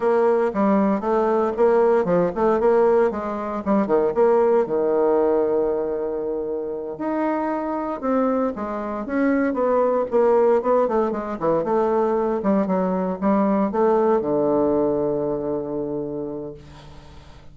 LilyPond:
\new Staff \with { instrumentName = "bassoon" } { \time 4/4 \tempo 4 = 116 ais4 g4 a4 ais4 | f8 a8 ais4 gis4 g8 dis8 | ais4 dis2.~ | dis4. dis'2 c'8~ |
c'8 gis4 cis'4 b4 ais8~ | ais8 b8 a8 gis8 e8 a4. | g8 fis4 g4 a4 d8~ | d1 | }